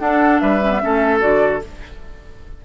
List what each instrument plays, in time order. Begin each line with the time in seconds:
0.00 clarinet D4, bassoon D4, oboe A4, flute F#5
0.40 bassoon G3, oboe B4, flute E5
0.62 clarinet C#4
0.71 clarinet B3
0.82 bassoon A3, clarinet C#4, oboe A4
1.20 bassoon D3, clarinet F#4, flute D5